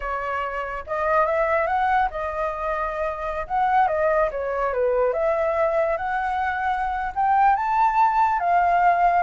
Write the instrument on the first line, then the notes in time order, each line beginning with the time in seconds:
flute
0.00 C#5
0.86 D#5
1.26 E5
1.66 F#5
2.10 D#5
3.47 F#5
3.87 D#5
4.31 C#5
4.73 B4
5.13 E5
5.97 F#5
7.15 G5
7.56 A5
8.39 F5